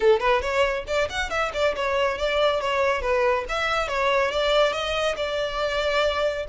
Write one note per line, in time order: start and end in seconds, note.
0.00 0.19 A4
0.19 0.41 B4
0.41 0.84 C#5
0.87 1.08 D5
1.09 1.30 F#5
1.30 1.51 E5
1.53 1.75 D5
1.75 2.17 C#5
2.17 2.60 D5
2.60 3.01 C#5
3.01 3.45 B4
3.48 3.88 E5
3.88 4.31 C#5
4.31 4.72 D5
4.72 5.15 D#5
5.16 6.46 D5